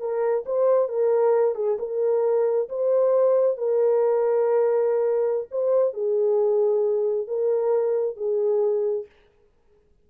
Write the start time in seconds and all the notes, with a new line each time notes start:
0.00 A#4
0.46 C5
0.89 A#4
1.55 G#4
1.80 A#4
2.69 C5
3.58 A#4
5.51 C5
5.94 G#4
7.28 A#4
8.17 G#4